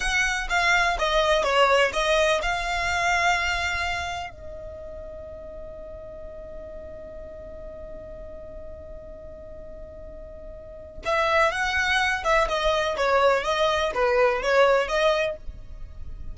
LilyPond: \new Staff \with { instrumentName = "violin" } { \time 4/4 \tempo 4 = 125 fis''4 f''4 dis''4 cis''4 | dis''4 f''2.~ | f''4 dis''2.~ | dis''1~ |
dis''1~ | dis''2. e''4 | fis''4. e''8 dis''4 cis''4 | dis''4 b'4 cis''4 dis''4 | }